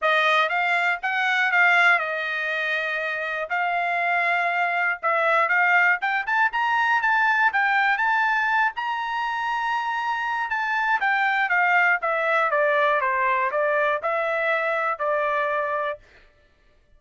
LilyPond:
\new Staff \with { instrumentName = "trumpet" } { \time 4/4 \tempo 4 = 120 dis''4 f''4 fis''4 f''4 | dis''2. f''4~ | f''2 e''4 f''4 | g''8 a''8 ais''4 a''4 g''4 |
a''4. ais''2~ ais''8~ | ais''4 a''4 g''4 f''4 | e''4 d''4 c''4 d''4 | e''2 d''2 | }